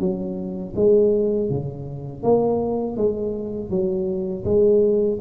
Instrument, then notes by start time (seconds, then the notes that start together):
tuba
0.00 F#3
0.76 G#3
1.50 C#3
2.23 A#3
2.97 G#3
3.70 F#3
4.45 G#3